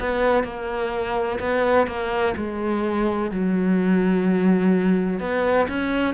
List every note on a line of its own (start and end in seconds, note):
0.00 0.44 B3
0.44 1.39 A#3
1.39 1.87 B3
1.87 2.35 A#3
2.36 3.31 G#3
3.31 5.20 F#3
5.20 5.68 B3
5.68 6.14 C#4